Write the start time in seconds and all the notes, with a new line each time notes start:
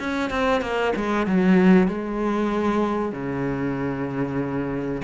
0.00 C#4
0.30 C4
0.62 A#3
0.96 G#3
1.27 F#3
1.88 G#3
3.13 C#3